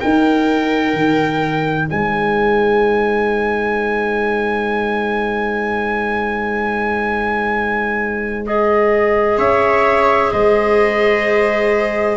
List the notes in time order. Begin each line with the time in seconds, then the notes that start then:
0.00 D#4 A#4 G5
0.94 D#3
1.87 G#3 C5 G#5
8.46 G#4 D#5
9.38 C#4 C#5 E5
10.32 G#3 C5 D#5